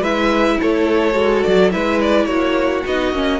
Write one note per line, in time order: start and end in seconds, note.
0.00 0.57 G#3
0.00 1.12 E4
0.00 0.57 B4
0.00 0.60 E5
0.60 1.15 A3
0.60 1.73 A4
0.60 1.43 C#5
1.12 1.43 G#3
1.12 1.69 F#4
1.43 1.74 F#3
1.43 1.71 D5
1.71 2.25 G#3
1.71 2.84 E4
1.71 2.27 B4
1.71 2.00 E5
2.00 2.25 D5
2.25 2.82 A#3
2.25 3.40 F#4
2.25 2.82 C#5
2.86 3.12 B3
2.86 3.14 D#4
2.86 3.40 D#5
3.12 3.40 A#3
3.12 3.40 C#4